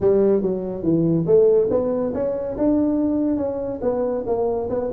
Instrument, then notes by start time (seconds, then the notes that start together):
tuba
0.00 G3
0.42 F#3
0.82 E3
1.26 A3
1.70 B3
2.14 C#4
2.57 D4
3.37 C#4
3.81 B3
4.26 A#3
4.69 B3